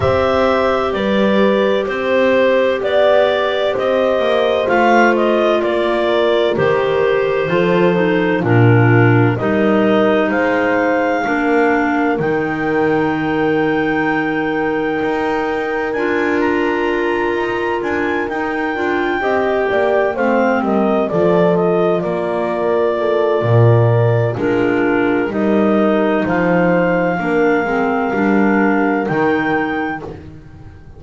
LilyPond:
<<
  \new Staff \with { instrumentName = "clarinet" } { \time 4/4 \tempo 4 = 64 e''4 d''4 c''4 d''4 | dis''4 f''8 dis''8 d''4 c''4~ | c''4 ais'4 dis''4 f''4~ | f''4 g''2.~ |
g''4 gis''8 ais''4. gis''8 g''8~ | g''4. f''8 dis''8 d''8 dis''8 d''8~ | d''2 ais'4 dis''4 | f''2. g''4 | }
  \new Staff \with { instrumentName = "horn" } { \time 4/4 c''4 b'4 c''4 d''4 | c''2 ais'2 | a'4 f'4 ais'4 c''4 | ais'1~ |
ais'1~ | ais'8 dis''8 d''8 c''8 ais'8 a'4 ais'8~ | ais'8 a'8 ais'4 f'4 ais'4 | c''4 ais'2. | }
  \new Staff \with { instrumentName = "clarinet" } { \time 4/4 g'1~ | g'4 f'2 g'4 | f'8 dis'8 d'4 dis'2 | d'4 dis'2.~ |
dis'4 f'2~ f'8 dis'8 | f'8 g'4 c'4 f'4.~ | f'2 d'4 dis'4~ | dis'4 d'8 c'8 d'4 dis'4 | }
  \new Staff \with { instrumentName = "double bass" } { \time 4/4 c'4 g4 c'4 b4 | c'8 ais8 a4 ais4 dis4 | f4 ais,4 g4 gis4 | ais4 dis2. |
dis'4 d'4. dis'8 d'8 dis'8 | d'8 c'8 ais8 a8 g8 f4 ais8~ | ais4 ais,4 gis4 g4 | f4 ais8 gis8 g4 dis4 | }
>>